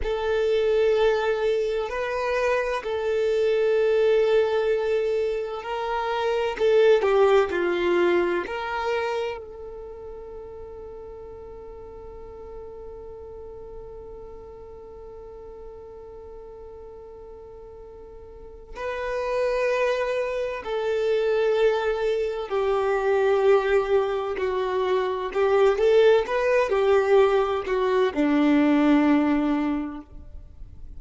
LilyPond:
\new Staff \with { instrumentName = "violin" } { \time 4/4 \tempo 4 = 64 a'2 b'4 a'4~ | a'2 ais'4 a'8 g'8 | f'4 ais'4 a'2~ | a'1~ |
a'1 | b'2 a'2 | g'2 fis'4 g'8 a'8 | b'8 g'4 fis'8 d'2 | }